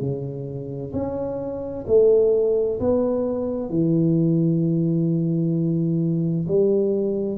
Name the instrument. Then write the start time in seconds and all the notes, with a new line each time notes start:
tuba
0.00 C#3
0.93 C#4
1.87 A3
2.79 B3
3.69 E3
6.48 G3